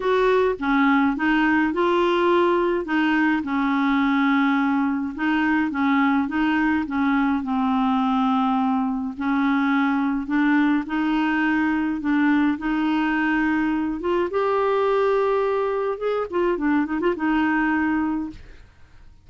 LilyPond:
\new Staff \with { instrumentName = "clarinet" } { \time 4/4 \tempo 4 = 105 fis'4 cis'4 dis'4 f'4~ | f'4 dis'4 cis'2~ | cis'4 dis'4 cis'4 dis'4 | cis'4 c'2. |
cis'2 d'4 dis'4~ | dis'4 d'4 dis'2~ | dis'8 f'8 g'2. | gis'8 f'8 d'8 dis'16 f'16 dis'2 | }